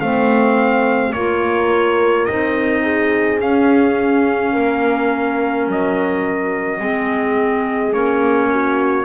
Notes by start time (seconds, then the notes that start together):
0.00 A3 C4 C5 F5
1.12 A#3 F4 A#4 C#5
2.25 C4 D#4 D#5
2.83 G#4
3.39 C#4 F5
4.52 A#3 A#4
5.67 F#3 D#5
6.80 G#3 C4 G#4
7.93 A#3 C#4 C#5
8.51 F#4